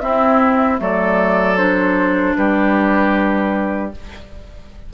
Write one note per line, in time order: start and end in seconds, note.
0.00 0.77 C4
0.00 0.80 C4
0.00 0.81 E4
0.00 0.78 E5
0.77 2.36 F#3
0.77 1.55 A3
0.77 2.37 A4
0.77 1.57 D5
1.57 3.92 D4
1.57 2.35 C5
2.36 3.93 G3
2.36 3.94 G4
2.36 3.92 B4